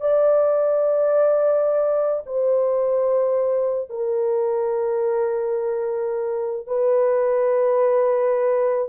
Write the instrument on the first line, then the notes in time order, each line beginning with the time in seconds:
horn
0.00 D5
2.26 C5
3.89 A#4
6.66 B4